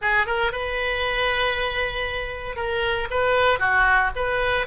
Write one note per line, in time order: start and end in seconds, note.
0.01 0.26 G#4
0.26 0.52 A#4
0.52 2.56 B4
2.56 3.08 A#4
3.10 3.59 B4
3.59 4.11 F#4
4.15 4.66 B4